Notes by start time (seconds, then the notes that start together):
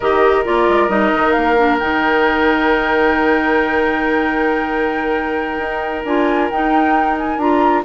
0.00 D#3 G4 A#4 D#5
0.44 A#3 F4 D5
0.68 G#3
0.88 G3 D#4 D#5
1.14 D#3
1.31 A#3 F5
1.57 D4
1.78 D#3 D#4 G5
5.58 D#4
6.04 D4 F4 G#5
6.50 D#4 G5
7.18 G#5
7.37 D4 F4 A#5